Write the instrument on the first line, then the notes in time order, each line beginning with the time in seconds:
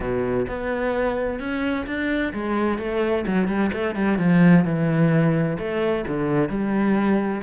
cello
0.00 B2
0.48 B3
1.39 C#4
1.86 D4
2.33 G#3
2.78 A3
3.26 F#3
3.47 G3
3.72 A3
3.95 G3
4.18 F3
4.64 E3
5.58 A3
6.07 D3
6.49 G3